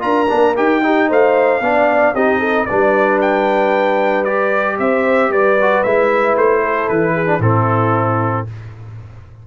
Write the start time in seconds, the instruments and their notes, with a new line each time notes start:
0.00 tuba D4, trombone F4, horn A#4, trumpet A#5
0.29 tuba A#3, trombone D4
0.56 tuba D#4, trombone G4, trumpet G5
0.83 trombone D#4, horn G4
1.09 tuba A3, horn C5, trumpet F5
1.61 tuba B3, trombone D4, horn D5
2.14 tuba C4, trombone D#4, horn G4, trumpet D#5
2.39 horn A4
2.66 tuba G3, trombone D4, horn B4, trumpet D5
3.21 trumpet G5
4.24 trombone G4, trumpet D5
4.79 tuba C4, horn C5, trumpet E5
5.29 tuba G3, horn B4, trumpet D5
5.61 trombone F#4
5.83 tuba G#3, trombone E4, trumpet E5
6.36 tuba A3, trumpet C5
6.62 horn A4
6.89 tuba E3, trumpet B4
7.14 horn G#4
7.27 trombone D4
7.39 tuba A2, trombone C4, horn E4, trumpet A4